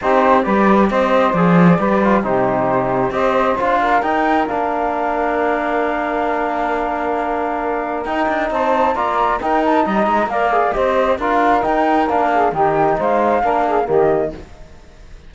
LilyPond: <<
  \new Staff \with { instrumentName = "flute" } { \time 4/4 \tempo 4 = 134 c''4 d''4 dis''4 d''4~ | d''4 c''2 dis''4 | f''4 g''4 f''2~ | f''1~ |
f''2 g''4 a''4 | ais''4 g''8 a''8 ais''4 f''4 | dis''4 f''4 g''4 f''4 | g''4 f''2 dis''4 | }
  \new Staff \with { instrumentName = "saxophone" } { \time 4/4 g'4 b'4 c''2 | b'4 g'2 c''4~ | c''8 ais'2.~ ais'8~ | ais'1~ |
ais'2. c''4 | d''4 ais'4 dis''4 d''4 | c''4 ais'2~ ais'8 gis'8 | g'4 c''4 ais'8 gis'8 g'4 | }
  \new Staff \with { instrumentName = "trombone" } { \time 4/4 dis'4 g'2 gis'4 | g'8 f'8 dis'2 g'4 | f'4 dis'4 d'2~ | d'1~ |
d'2 dis'2 | f'4 dis'2 ais'8 gis'8 | g'4 f'4 dis'4 d'4 | dis'2 d'4 ais4 | }
  \new Staff \with { instrumentName = "cello" } { \time 4/4 c'4 g4 c'4 f4 | g4 c2 c'4 | d'4 dis'4 ais2~ | ais1~ |
ais2 dis'8 d'8 c'4 | ais4 dis'4 g8 gis8 ais4 | c'4 d'4 dis'4 ais4 | dis4 gis4 ais4 dis4 | }
>>